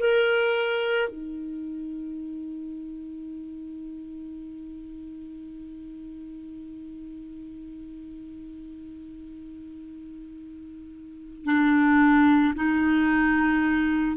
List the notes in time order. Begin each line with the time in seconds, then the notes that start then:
0.00 A#4
1.10 D#4
11.45 D4
12.56 D#4